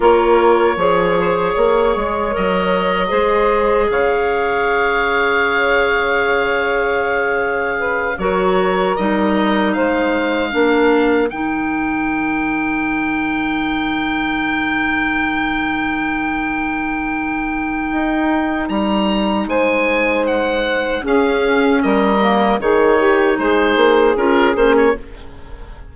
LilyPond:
<<
  \new Staff \with { instrumentName = "oboe" } { \time 4/4 \tempo 4 = 77 cis''2. dis''4~ | dis''4 f''2.~ | f''2~ f''8 cis''4 dis''8~ | dis''8 f''2 g''4.~ |
g''1~ | g''1 | ais''4 gis''4 fis''4 f''4 | dis''4 cis''4 c''4 ais'8 c''16 cis''16 | }
  \new Staff \with { instrumentName = "saxophone" } { \time 4/4 ais'4 cis''8 c''8 cis''2 | c''4 cis''2.~ | cis''2 b'8 ais'4.~ | ais'8 c''4 ais'2~ ais'8~ |
ais'1~ | ais'1~ | ais'4 c''2 gis'4 | ais'4 gis'8 g'8 gis'2 | }
  \new Staff \with { instrumentName = "clarinet" } { \time 4/4 f'4 gis'2 ais'4 | gis'1~ | gis'2~ gis'8 fis'4 dis'8~ | dis'4. d'4 dis'4.~ |
dis'1~ | dis'1~ | dis'2. cis'4~ | cis'8 ais8 dis'2 f'8 cis'8 | }
  \new Staff \with { instrumentName = "bassoon" } { \time 4/4 ais4 f4 ais8 gis8 fis4 | gis4 cis2.~ | cis2~ cis8 fis4 g8~ | g8 gis4 ais4 dis4.~ |
dis1~ | dis2. dis'4 | g4 gis2 cis'4 | g4 dis4 gis8 ais8 cis'8 ais8 | }
>>